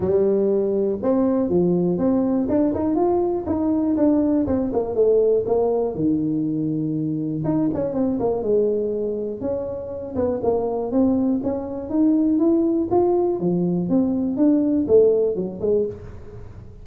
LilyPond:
\new Staff \with { instrumentName = "tuba" } { \time 4/4 \tempo 4 = 121 g2 c'4 f4 | c'4 d'8 dis'8 f'4 dis'4 | d'4 c'8 ais8 a4 ais4 | dis2. dis'8 cis'8 |
c'8 ais8 gis2 cis'4~ | cis'8 b8 ais4 c'4 cis'4 | dis'4 e'4 f'4 f4 | c'4 d'4 a4 fis8 gis8 | }